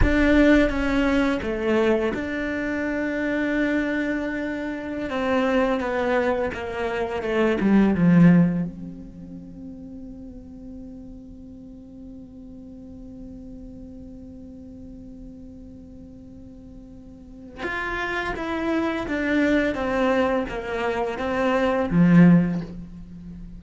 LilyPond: \new Staff \with { instrumentName = "cello" } { \time 4/4 \tempo 4 = 85 d'4 cis'4 a4 d'4~ | d'2.~ d'16 c'8.~ | c'16 b4 ais4 a8 g8 f8.~ | f16 c'2.~ c'8.~ |
c'1~ | c'1~ | c'4 f'4 e'4 d'4 | c'4 ais4 c'4 f4 | }